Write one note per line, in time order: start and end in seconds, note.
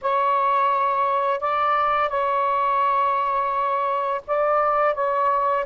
0.01 1.40 C#5
1.40 2.09 D5
2.09 4.21 C#5
4.27 4.94 D5
4.94 5.65 C#5